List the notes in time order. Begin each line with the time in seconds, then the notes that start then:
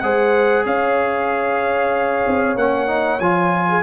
0.00 G#3 G#4 C5 F#5
0.65 C#4 C#5 F5
2.27 C4
2.56 A#3 C#4 F#5
2.87 D#4
3.20 F3 F4 G#5
3.69 G#4